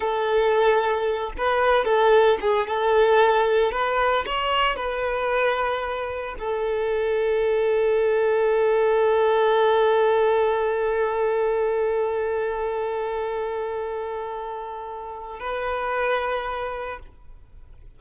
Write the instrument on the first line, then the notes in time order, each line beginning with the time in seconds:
violin
0.00 A4
1.37 B4
1.84 A4
2.40 G#4
2.67 A4
3.71 B4
4.26 C#5
4.76 B4
6.39 A4
15.39 B4